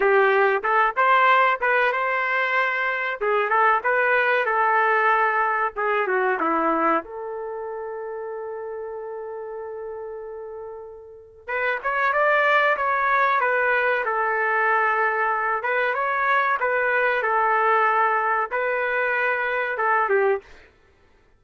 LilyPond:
\new Staff \with { instrumentName = "trumpet" } { \time 4/4 \tempo 4 = 94 g'4 a'8 c''4 b'8 c''4~ | c''4 gis'8 a'8 b'4 a'4~ | a'4 gis'8 fis'8 e'4 a'4~ | a'1~ |
a'2 b'8 cis''8 d''4 | cis''4 b'4 a'2~ | a'8 b'8 cis''4 b'4 a'4~ | a'4 b'2 a'8 g'8 | }